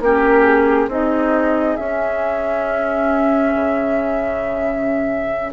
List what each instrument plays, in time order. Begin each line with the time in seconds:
0.00 bassoon A#3, clarinet C#4, oboe G4, flute A#4
0.43 flute G#4
0.88 bassoon C4, clarinet D#4, oboe G#4, flute D#5
1.76 bassoon C#4, flute E5
1.83 clarinet C#4
3.55 bassoon C#3